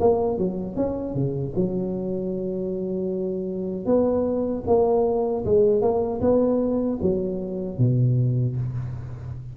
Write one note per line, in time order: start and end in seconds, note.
0.00 0.38 A#3
0.38 0.76 F#3
0.76 1.14 C#4
1.14 1.53 C#3
1.55 3.86 F#3
3.86 4.64 B3
4.66 5.44 A#3
5.45 5.81 G#3
5.81 6.20 A#3
6.21 6.98 B3
7.02 7.78 F#3
7.78 8.56 B2